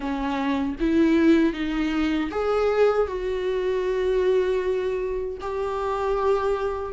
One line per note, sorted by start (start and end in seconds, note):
0.00 0.75 C#4
0.80 1.53 E4
1.53 2.30 D#4
2.30 3.07 G#4
3.07 5.37 F#4
5.41 6.93 G4